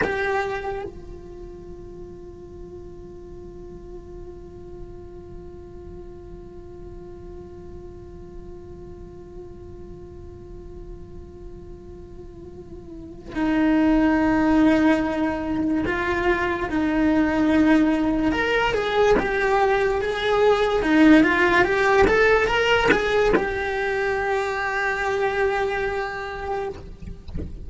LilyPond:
\new Staff \with { instrumentName = "cello" } { \time 4/4 \tempo 4 = 72 g'4 f'2.~ | f'1~ | f'1~ | f'1 |
dis'2. f'4 | dis'2 ais'8 gis'8 g'4 | gis'4 dis'8 f'8 g'8 a'8 ais'8 gis'8 | g'1 | }